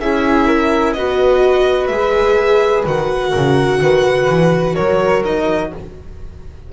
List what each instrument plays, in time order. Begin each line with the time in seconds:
0.00 double bass C#4, viola E4, flute G#4, violin E5
0.47 flute A#4
0.93 double bass B3, viola F#4, flute B4, violin D#5
1.87 double bass G#3, viola G#4, violin E5
2.86 double bass D#3, viola F#4, violin F#5
3.31 double bass C#3, flute A#4
3.81 double bass D#3, flute B4
4.28 double bass E3
4.75 double bass F#3, flute A#4, violin C#5
5.24 viola D#4, violin D#5